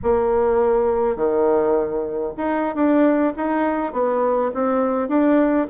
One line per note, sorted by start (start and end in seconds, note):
0.03 1.16 A#3
1.16 2.32 D#3
2.37 2.75 D#4
2.75 3.33 D4
3.36 3.93 D#4
3.93 4.51 B3
4.54 5.08 C4
5.08 5.66 D4